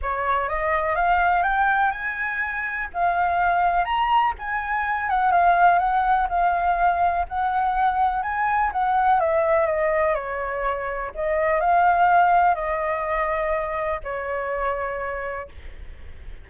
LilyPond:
\new Staff \with { instrumentName = "flute" } { \time 4/4 \tempo 4 = 124 cis''4 dis''4 f''4 g''4 | gis''2 f''2 | ais''4 gis''4. fis''8 f''4 | fis''4 f''2 fis''4~ |
fis''4 gis''4 fis''4 e''4 | dis''4 cis''2 dis''4 | f''2 dis''2~ | dis''4 cis''2. | }